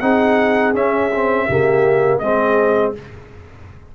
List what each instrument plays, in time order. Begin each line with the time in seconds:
0.00 tuba C4, trombone D#4, horn G#4, trumpet F#5
0.74 tuba C#4, trombone C#4, trumpet E5
1.14 trombone C4
1.47 tuba C#3, trombone A#3, horn G4
2.19 tuba G#3, trombone C4, horn G#4, trumpet D#5